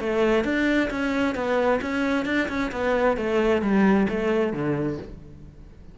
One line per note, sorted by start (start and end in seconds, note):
0.00 0.45 A3
0.45 0.90 D4
0.90 1.35 C#4
1.35 1.80 B3
1.82 2.26 C#4
2.26 2.48 D4
2.49 2.71 C#4
2.72 3.17 B3
3.17 3.62 A3
3.62 4.07 G3
4.09 4.53 A3
4.53 4.98 D3